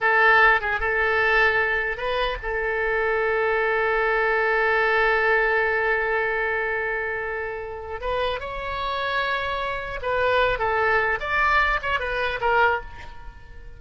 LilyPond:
\new Staff \with { instrumentName = "oboe" } { \time 4/4 \tempo 4 = 150 a'4. gis'8 a'2~ | a'4 b'4 a'2~ | a'1~ | a'1~ |
a'1 | b'4 cis''2.~ | cis''4 b'4. a'4. | d''4. cis''8 b'4 ais'4 | }